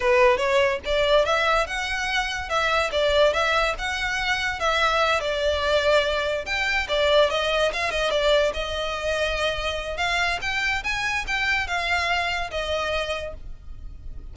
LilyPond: \new Staff \with { instrumentName = "violin" } { \time 4/4 \tempo 4 = 144 b'4 cis''4 d''4 e''4 | fis''2 e''4 d''4 | e''4 fis''2 e''4~ | e''8 d''2. g''8~ |
g''8 d''4 dis''4 f''8 dis''8 d''8~ | d''8 dis''2.~ dis''8 | f''4 g''4 gis''4 g''4 | f''2 dis''2 | }